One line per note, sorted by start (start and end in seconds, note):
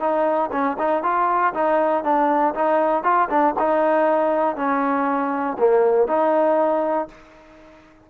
0.00 0.50 D#4
0.52 0.77 C#4
0.79 1.03 D#4
1.03 1.54 F4
1.54 2.04 D#4
2.04 2.54 D4
2.55 3.04 D#4
3.04 3.29 F4
3.30 3.55 D4
3.59 4.56 D#4
4.56 5.57 C#4
5.59 6.08 A#3
6.08 7.08 D#4